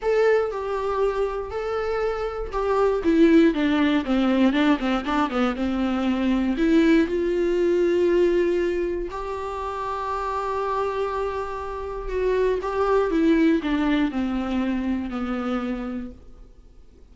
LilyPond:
\new Staff \with { instrumentName = "viola" } { \time 4/4 \tempo 4 = 119 a'4 g'2 a'4~ | a'4 g'4 e'4 d'4 | c'4 d'8 c'8 d'8 b8 c'4~ | c'4 e'4 f'2~ |
f'2 g'2~ | g'1 | fis'4 g'4 e'4 d'4 | c'2 b2 | }